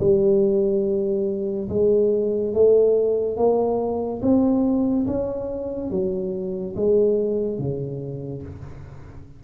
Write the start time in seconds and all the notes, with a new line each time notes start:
0.00 G3
1.69 G#3
2.54 A3
3.37 A#3
4.22 C4
5.07 C#4
5.91 F#3
6.76 G#3
7.58 C#3